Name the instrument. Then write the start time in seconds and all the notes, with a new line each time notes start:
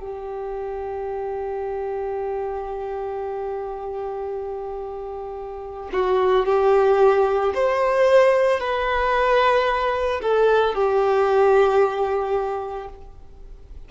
violin
0.00 G4
5.93 F#4
6.45 G4
7.54 C5
8.60 B4
10.22 A4
10.74 G4